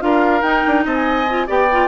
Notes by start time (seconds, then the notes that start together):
0.00 D4 F4 A#4 F5
0.42 D#4 G5
0.67 D4
0.85 C4 D#5 A5
0.95 G#5
1.30 F4
1.47 B3 G4 D5 G5
1.72 F4